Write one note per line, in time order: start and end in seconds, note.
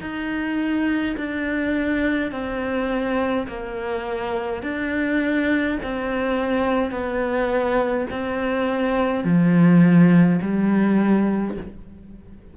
0.00 1.15 D#4
1.17 2.31 D4
2.31 3.47 C4
3.47 4.63 A#3
4.63 5.78 D4
5.83 6.91 C4
6.91 8.06 B3
8.10 9.24 C4
9.24 10.40 F3
10.42 11.57 G3